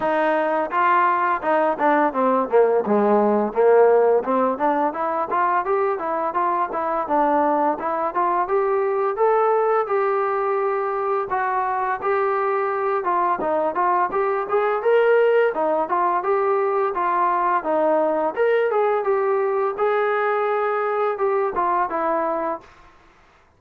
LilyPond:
\new Staff \with { instrumentName = "trombone" } { \time 4/4 \tempo 4 = 85 dis'4 f'4 dis'8 d'8 c'8 ais8 | gis4 ais4 c'8 d'8 e'8 f'8 | g'8 e'8 f'8 e'8 d'4 e'8 f'8 | g'4 a'4 g'2 |
fis'4 g'4. f'8 dis'8 f'8 | g'8 gis'8 ais'4 dis'8 f'8 g'4 | f'4 dis'4 ais'8 gis'8 g'4 | gis'2 g'8 f'8 e'4 | }